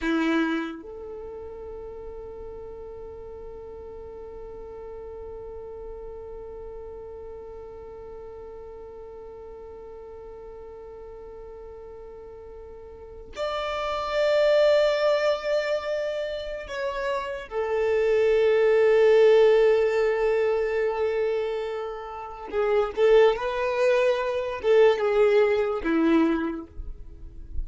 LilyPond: \new Staff \with { instrumentName = "violin" } { \time 4/4 \tempo 4 = 72 e'4 a'2.~ | a'1~ | a'1~ | a'1 |
d''1 | cis''4 a'2.~ | a'2. gis'8 a'8 | b'4. a'8 gis'4 e'4 | }